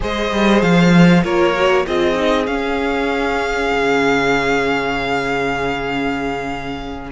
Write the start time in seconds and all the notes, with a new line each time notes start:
0.00 G#3 G#4 C5 D#5
0.32 G3
0.62 F3 F5
1.23 A#3 F4 A#4 C#5
1.55 F#4
1.86 C4 F4 G#4 D#5
2.15 D#4
2.46 C#4 F5
3.73 C#3